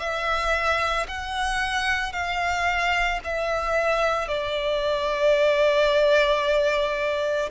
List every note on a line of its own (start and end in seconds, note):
0.00 1.07 E5
1.09 2.13 F#5
2.13 3.20 F5
3.25 4.29 E5
4.29 7.50 D5